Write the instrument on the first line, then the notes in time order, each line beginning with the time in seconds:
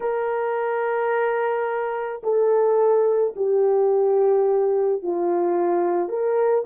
horn
0.00 A#4
2.23 A4
3.35 G4
5.02 F4
6.09 A#4